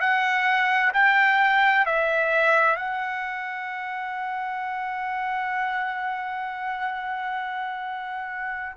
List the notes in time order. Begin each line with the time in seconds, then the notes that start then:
0.00 F#5
0.94 G5
1.86 E5
2.76 F#5